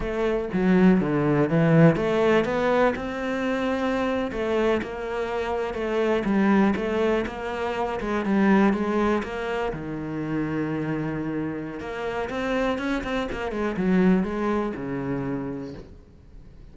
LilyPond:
\new Staff \with { instrumentName = "cello" } { \time 4/4 \tempo 4 = 122 a4 fis4 d4 e4 | a4 b4 c'2~ | c'8. a4 ais2 a16~ | a8. g4 a4 ais4~ ais16~ |
ais16 gis8 g4 gis4 ais4 dis16~ | dis1 | ais4 c'4 cis'8 c'8 ais8 gis8 | fis4 gis4 cis2 | }